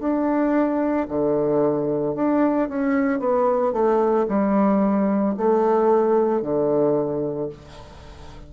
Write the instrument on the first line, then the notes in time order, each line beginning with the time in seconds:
bassoon
0.00 D4
1.08 D3
2.15 D4
2.69 C#4
3.19 B3
3.73 A3
4.29 G3
5.37 A3
6.42 D3